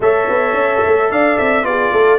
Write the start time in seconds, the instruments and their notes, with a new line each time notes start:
0.00 tuba A3, trombone A4, horn C#5, trumpet E5
0.29 tuba B3
0.53 tuba C#4
0.86 tuba A3
1.10 tuba D4, horn D5, trumpet F5
1.38 tuba C4, trumpet E5
1.63 tuba B3, trombone F4, horn G#4, trumpet D5
1.92 tuba A3, horn A4